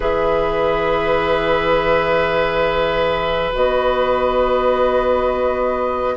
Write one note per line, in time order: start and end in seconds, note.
0.00 3.53 E3
0.00 3.52 G#4
0.00 6.14 B4
0.00 3.54 E5
3.52 6.17 B3
3.52 6.16 F#4
3.52 6.17 D#5